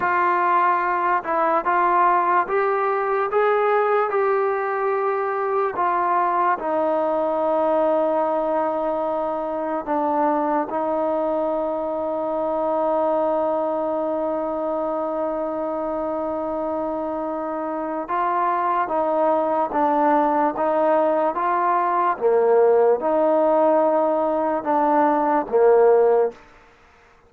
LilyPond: \new Staff \with { instrumentName = "trombone" } { \time 4/4 \tempo 4 = 73 f'4. e'8 f'4 g'4 | gis'4 g'2 f'4 | dis'1 | d'4 dis'2.~ |
dis'1~ | dis'2 f'4 dis'4 | d'4 dis'4 f'4 ais4 | dis'2 d'4 ais4 | }